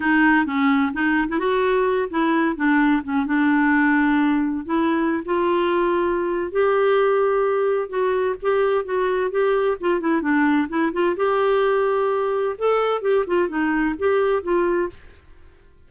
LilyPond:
\new Staff \with { instrumentName = "clarinet" } { \time 4/4 \tempo 4 = 129 dis'4 cis'4 dis'8. e'16 fis'4~ | fis'8 e'4 d'4 cis'8 d'4~ | d'2 e'4~ e'16 f'8.~ | f'2 g'2~ |
g'4 fis'4 g'4 fis'4 | g'4 f'8 e'8 d'4 e'8 f'8 | g'2. a'4 | g'8 f'8 dis'4 g'4 f'4 | }